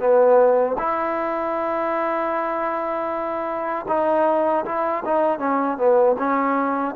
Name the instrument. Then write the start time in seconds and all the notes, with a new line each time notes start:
trombone
0.00 B3
0.79 E4
3.88 D#4
4.65 E4
5.05 D#4
5.39 C#4
5.78 B3
6.19 C#4